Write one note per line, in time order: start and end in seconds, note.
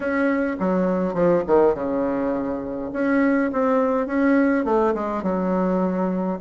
0.00 0.56 C#4
0.59 1.14 F#3
1.14 1.43 F3
1.46 1.74 D#3
1.74 2.90 C#3
2.93 3.51 C#4
3.52 4.06 C4
4.06 4.64 C#4
4.64 4.94 A3
4.94 5.22 G#3
5.22 6.39 F#3